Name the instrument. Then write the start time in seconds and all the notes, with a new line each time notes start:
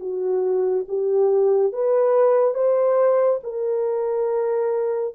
horn
0.00 F#4
0.88 G4
1.73 B4
2.54 C5
3.43 A#4